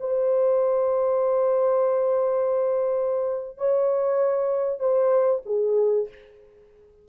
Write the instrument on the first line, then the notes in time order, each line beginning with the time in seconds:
horn
0.00 C5
3.58 C#5
4.80 C5
5.46 G#4